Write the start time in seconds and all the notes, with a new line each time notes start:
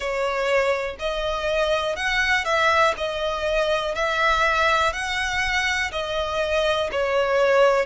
0.00 C#5
0.99 D#5
1.95 F#5
2.45 E5
2.97 D#5
3.94 E5
4.92 F#5
5.92 D#5
6.91 C#5